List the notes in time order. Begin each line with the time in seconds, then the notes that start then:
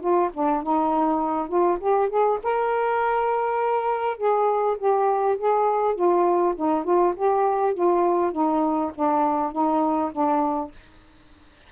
0.00 F4
0.33 D4
0.63 D#4
1.48 F4
1.80 G4
2.09 G#4
2.43 A#4
4.17 G#4
4.78 G4
5.38 G#4
5.95 F4
6.56 D#4
6.84 F4
7.16 G4
7.74 F4
8.32 D#4
8.95 D4
9.52 D#4
10.12 D4